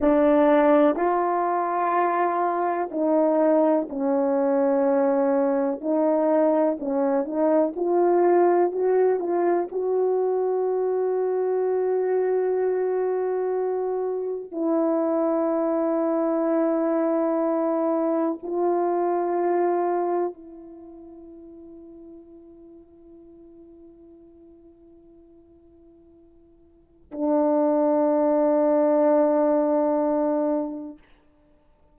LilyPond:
\new Staff \with { instrumentName = "horn" } { \time 4/4 \tempo 4 = 62 d'4 f'2 dis'4 | cis'2 dis'4 cis'8 dis'8 | f'4 fis'8 f'8 fis'2~ | fis'2. e'4~ |
e'2. f'4~ | f'4 e'2.~ | e'1 | d'1 | }